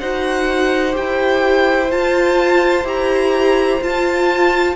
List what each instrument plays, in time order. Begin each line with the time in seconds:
0.00 cello D#4, viola F#4, violin C5 F#5
0.92 cello E4, viola G4, violin G5
1.91 viola F4, cello F4, violin A5
2.84 cello E4, viola G4, violin A#5
3.82 cello F4, viola F4, violin A5